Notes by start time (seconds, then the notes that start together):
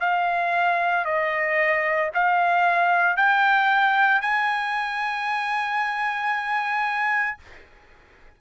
0.00 F5
1.05 D#5
2.14 F5
3.17 G5
4.22 G#5